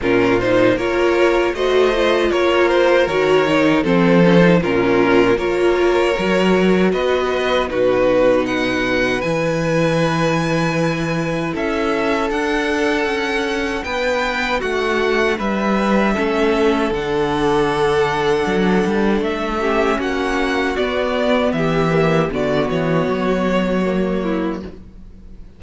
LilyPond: <<
  \new Staff \with { instrumentName = "violin" } { \time 4/4 \tempo 4 = 78 ais'8 c''8 cis''4 dis''4 cis''8 c''8 | cis''4 c''4 ais'4 cis''4~ | cis''4 dis''4 b'4 fis''4 | gis''2. e''4 |
fis''2 g''4 fis''4 | e''2 fis''2~ | fis''4 e''4 fis''4 d''4 | e''4 d''8 cis''2~ cis''8 | }
  \new Staff \with { instrumentName = "violin" } { \time 4/4 f'4 ais'4 c''4 ais'4~ | ais'4 a'4 f'4 ais'4~ | ais'4 b'4 fis'4 b'4~ | b'2. a'4~ |
a'2 b'4 fis'4 | b'4 a'2.~ | a'4. g'8 fis'2 | g'4 fis'2~ fis'8 e'8 | }
  \new Staff \with { instrumentName = "viola" } { \time 4/4 cis'8 dis'8 f'4 fis'8 f'4. | fis'8 dis'8 c'8 cis'16 dis'16 cis'4 f'4 | fis'2 dis'2 | e'1 |
d'1~ | d'4 cis'4 d'2~ | d'4. cis'4. b4~ | b8 ais8 b2 ais4 | }
  \new Staff \with { instrumentName = "cello" } { \time 4/4 ais,4 ais4 a4 ais4 | dis4 f4 ais,4 ais4 | fis4 b4 b,2 | e2. cis'4 |
d'4 cis'4 b4 a4 | g4 a4 d2 | fis8 g8 a4 ais4 b4 | e4 d8 e8 fis2 | }
>>